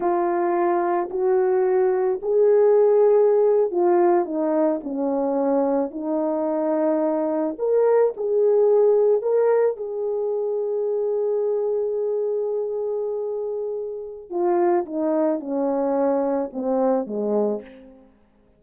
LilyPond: \new Staff \with { instrumentName = "horn" } { \time 4/4 \tempo 4 = 109 f'2 fis'2 | gis'2~ gis'8. f'4 dis'16~ | dis'8. cis'2 dis'4~ dis'16~ | dis'4.~ dis'16 ais'4 gis'4~ gis'16~ |
gis'8. ais'4 gis'2~ gis'16~ | gis'1~ | gis'2 f'4 dis'4 | cis'2 c'4 gis4 | }